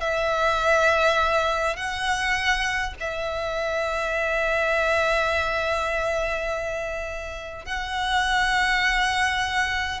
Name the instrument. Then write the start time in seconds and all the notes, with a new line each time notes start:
violin
0.00 E5
1.76 F#5
3.00 E5
7.65 F#5